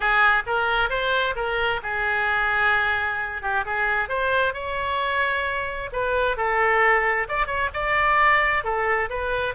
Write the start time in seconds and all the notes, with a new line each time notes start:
0.00 G#4
0.46 A#4
0.89 C5
1.35 A#4
1.82 G#4
3.42 G4
3.65 G#4
4.08 C5
4.53 C#5
5.92 B4
6.36 A4
7.28 D5
7.46 C#5
7.73 D5
8.63 A4
9.09 B4